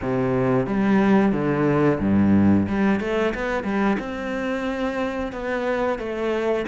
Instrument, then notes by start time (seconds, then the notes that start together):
cello
0.01 C3
0.66 G3
1.32 D3
2.00 G2
2.68 G3
3.00 A3
3.34 B3
3.63 G3
3.99 C4
5.32 B3
5.98 A3